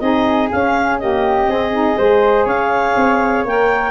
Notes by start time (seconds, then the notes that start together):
0.00 C4 D#4 G#4 D#5
0.51 C#4 F5
0.99 A#3 G4 D#5
1.47 C4 G#4
1.73 D#4
1.98 G#3 G#4 C5
2.46 C#4 C#5 F5
2.96 C4
3.45 A#3 A#4 G5